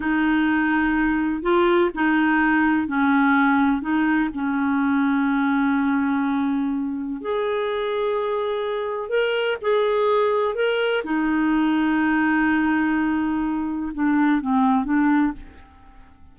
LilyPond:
\new Staff \with { instrumentName = "clarinet" } { \time 4/4 \tempo 4 = 125 dis'2. f'4 | dis'2 cis'2 | dis'4 cis'2.~ | cis'2. gis'4~ |
gis'2. ais'4 | gis'2 ais'4 dis'4~ | dis'1~ | dis'4 d'4 c'4 d'4 | }